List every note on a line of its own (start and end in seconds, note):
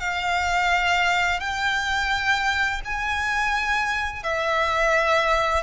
0.00 1.40 F5
1.40 2.81 G5
2.85 4.23 G#5
4.23 5.63 E5